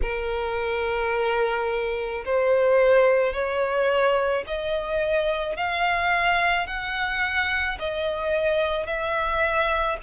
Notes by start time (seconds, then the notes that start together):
0.02 A#4
2.25 C5
3.33 C#5
4.46 D#5
5.56 F5
6.67 F#5
7.79 D#5
8.86 E5